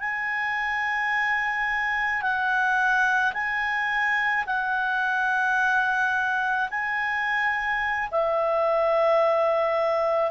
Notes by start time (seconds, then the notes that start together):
0.00 G#5
2.22 F#5
3.33 G#5
4.46 F#5
6.70 G#5
8.11 E5